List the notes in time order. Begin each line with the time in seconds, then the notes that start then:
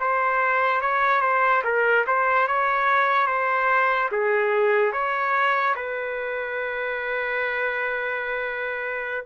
0.00 C5
0.81 C#5
1.21 C5
1.64 A#4
2.06 C5
2.47 C#5
3.27 C5
4.11 G#4
4.92 C#5
5.75 B4